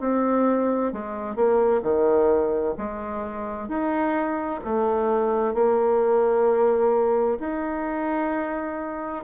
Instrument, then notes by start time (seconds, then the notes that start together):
bassoon
0.00 C4
0.92 G#3
1.36 A#3
1.83 D#3
2.77 G#3
3.68 D#4
4.64 A3
5.54 A#3
7.40 D#4